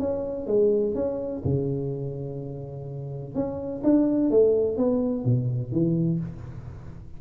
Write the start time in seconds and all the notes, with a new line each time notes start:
0.00 C#4
0.47 G#3
0.95 C#4
1.45 C#3
3.35 C#4
3.84 D4
4.31 A3
4.78 B3
5.25 B2
5.72 E3